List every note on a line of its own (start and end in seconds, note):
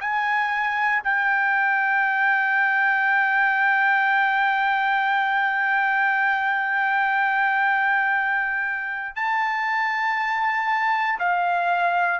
0.00 1.02 G#5
1.03 9.15 G5
9.15 11.19 A5
11.19 12.20 F5